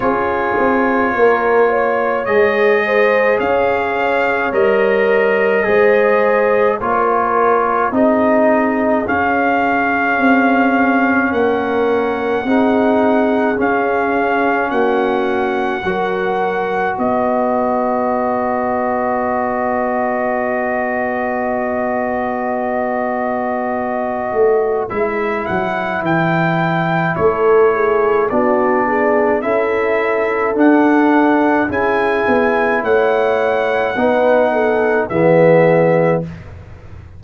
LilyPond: <<
  \new Staff \with { instrumentName = "trumpet" } { \time 4/4 \tempo 4 = 53 cis''2 dis''4 f''4 | dis''2 cis''4 dis''4 | f''2 fis''2 | f''4 fis''2 dis''4~ |
dis''1~ | dis''2 e''8 fis''8 g''4 | cis''4 d''4 e''4 fis''4 | gis''4 fis''2 e''4 | }
  \new Staff \with { instrumentName = "horn" } { \time 4/4 gis'4 ais'8 cis''4 c''8 cis''4~ | cis''4 c''4 ais'4 gis'4~ | gis'2 ais'4 gis'4~ | gis'4 fis'4 ais'4 b'4~ |
b'1~ | b'1 | a'8 gis'8 fis'8 gis'8 a'2 | gis'4 cis''4 b'8 a'8 gis'4 | }
  \new Staff \with { instrumentName = "trombone" } { \time 4/4 f'2 gis'2 | ais'4 gis'4 f'4 dis'4 | cis'2. dis'4 | cis'2 fis'2~ |
fis'1~ | fis'2 e'2~ | e'4 d'4 e'4 d'4 | e'2 dis'4 b4 | }
  \new Staff \with { instrumentName = "tuba" } { \time 4/4 cis'8 c'8 ais4 gis4 cis'4 | g4 gis4 ais4 c'4 | cis'4 c'4 ais4 c'4 | cis'4 ais4 fis4 b4~ |
b1~ | b4. a8 gis8 fis8 e4 | a4 b4 cis'4 d'4 | cis'8 b8 a4 b4 e4 | }
>>